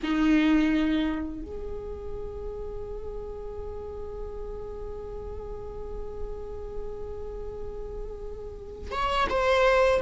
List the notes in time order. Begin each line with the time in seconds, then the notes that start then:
0.03 D#4
1.42 G#4
8.91 C#5
9.29 C5